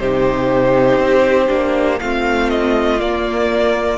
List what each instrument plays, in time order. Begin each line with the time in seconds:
0.00 cello C3, viola D#4, violin G4 C5
0.99 cello C4
1.48 cello A#3, viola D4
2.00 cello A3, viola C4, violin F4 F5
2.50 violin D#5
3.00 viola A#3, cello A#3, violin D5